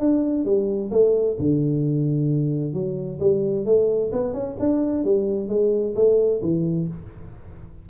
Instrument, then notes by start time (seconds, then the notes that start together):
tuba
0.00 D4
0.45 G3
0.92 A3
1.39 D3
2.74 F#3
3.20 G3
3.66 A3
4.12 B3
4.34 C#4
4.60 D4
5.05 G3
5.49 G#3
5.96 A3
6.42 E3